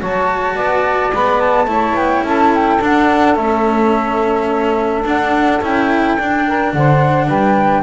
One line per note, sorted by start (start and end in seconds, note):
0.00 0.56 F#3
0.00 1.12 F#4
0.00 0.55 C#5
0.00 1.14 A5
0.55 1.12 B3
0.55 1.67 D5
1.13 1.65 G#3
1.13 1.67 B3
1.13 1.40 B5
1.40 1.96 A5
1.65 1.93 A3
1.65 2.79 E4
1.65 2.25 C#5
1.94 2.22 B3
1.94 2.24 G5
2.23 2.79 C#4
2.23 6.46 A4
2.23 2.53 A5
2.54 2.82 G5
2.81 3.36 D4
2.81 3.37 D4
2.81 3.36 F#5
3.36 5.03 A3
3.36 5.04 C#4
3.36 5.04 E5
5.03 5.59 D4
5.03 5.61 D4
5.03 5.62 F#5
5.62 6.18 C#4
5.62 6.18 E4
5.62 6.73 G5
6.18 6.73 D4
6.18 7.83 D4
6.47 6.75 A#4
6.73 7.29 D3
6.73 7.27 C5
6.73 7.29 F#5
7.27 7.83 G3
7.27 7.83 B4
7.27 7.83 G5